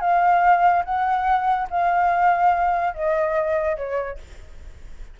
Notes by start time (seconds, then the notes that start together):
0.00 F5
0.84 F#5
1.70 F5
2.94 D#5
3.76 C#5